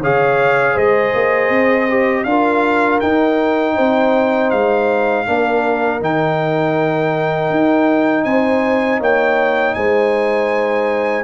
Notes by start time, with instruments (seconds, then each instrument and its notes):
0.00 tuba C#3, trombone G#4, horn C#5, trumpet F5
0.74 tuba G#3, horn C5, trumpet D#5
1.14 tuba A#3
1.49 tuba C4
1.89 trombone G4
2.24 tuba D4, trombone F4, horn A#4, trumpet F5
3.00 trombone D#4, tuba D#4, trumpet G5
3.75 tuba C4, horn C5
4.50 tuba G#3, trumpet F5
5.26 tuba A#3, trombone D4, horn A#4
6.00 tuba D#3, trombone D#4, trumpet G5
7.50 tuba D#4
8.24 tuba C4, horn C5, trumpet G#5
9.00 tuba A#3, horn C#5, trumpet G5
9.74 tuba G#3, horn C5, trumpet G#5